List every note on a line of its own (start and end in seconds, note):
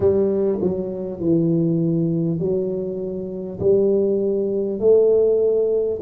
0.00 0.59 G3
0.61 1.19 F#3
1.19 2.39 E3
2.39 3.59 F#3
3.59 4.79 G3
4.79 5.99 A3